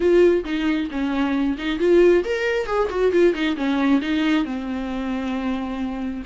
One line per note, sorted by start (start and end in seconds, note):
0.00 0.43 F4
0.44 0.88 D#4
0.90 1.57 C#4
1.57 1.79 D#4
1.79 2.23 F4
2.24 2.66 A#4
2.66 2.88 G#4
2.89 3.12 F#4
3.12 3.34 F4
3.34 3.56 D#4
3.56 4.00 C#4
4.01 4.44 D#4
4.44 6.22 C4